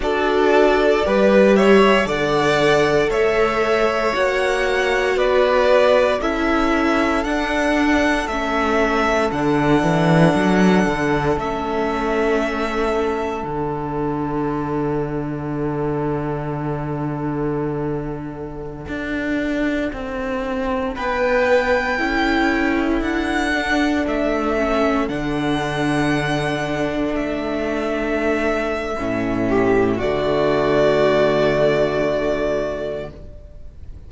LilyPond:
<<
  \new Staff \with { instrumentName = "violin" } { \time 4/4 \tempo 4 = 58 d''4. e''8 fis''4 e''4 | fis''4 d''4 e''4 fis''4 | e''4 fis''2 e''4~ | e''4 fis''2.~ |
fis''1~ | fis''16 g''2 fis''4 e''8.~ | e''16 fis''2 e''4.~ e''16~ | e''4 d''2. | }
  \new Staff \with { instrumentName = "violin" } { \time 4/4 a'4 b'8 cis''8 d''4 cis''4~ | cis''4 b'4 a'2~ | a'1~ | a'1~ |
a'1~ | a'16 b'4 a'2~ a'8.~ | a'1~ | a'8 g'8 fis'2. | }
  \new Staff \with { instrumentName = "viola" } { \time 4/4 fis'4 g'4 a'2 | fis'2 e'4 d'4 | cis'4 d'2 cis'4~ | cis'4 d'2.~ |
d'1~ | d'4~ d'16 e'4. d'4 cis'16~ | cis'16 d'2.~ d'8. | cis'4 a2. | }
  \new Staff \with { instrumentName = "cello" } { \time 4/4 d'4 g4 d4 a4 | ais4 b4 cis'4 d'4 | a4 d8 e8 fis8 d8 a4~ | a4 d2.~ |
d2~ d16 d'4 c'8.~ | c'16 b4 cis'4 d'4 a8.~ | a16 d2 a4.~ a16 | a,4 d2. | }
>>